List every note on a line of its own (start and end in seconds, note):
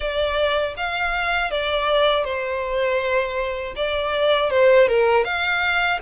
0.00 0.74 D5
0.76 1.50 F5
1.50 2.24 D5
2.24 3.74 C5
3.75 4.50 D5
4.50 4.87 C5
4.87 5.24 A#4
5.24 5.99 F5